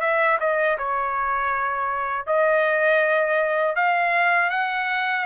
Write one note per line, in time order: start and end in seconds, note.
0.00 0.38 E5
0.40 0.77 D#5
0.78 2.26 C#5
2.26 3.75 D#5
3.75 4.50 F5
4.50 5.25 F#5